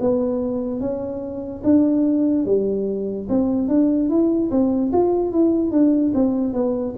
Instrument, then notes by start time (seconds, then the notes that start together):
tuba
0.00 B3
0.80 C#4
1.63 D4
2.45 G3
3.29 C4
3.68 D4
4.09 E4
4.51 C4
4.92 F4
5.32 E4
5.71 D4
6.14 C4
6.53 B3